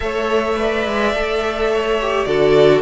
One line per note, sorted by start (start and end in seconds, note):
0.00 0.86 A3
0.00 0.54 A4
0.00 0.59 C#5
0.00 2.24 E5
0.55 1.11 B4
0.55 1.72 D5
0.86 1.12 G#3
1.12 2.26 A3
1.12 2.00 A4
1.72 2.27 C#5
2.01 2.26 G4
2.24 2.81 D3
2.24 2.81 F#4
2.24 2.81 A4
2.24 2.81 D5